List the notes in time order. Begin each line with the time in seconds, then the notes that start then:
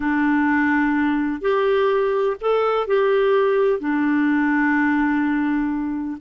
0.00 D4
1.41 G4
2.40 A4
2.87 G4
3.79 D4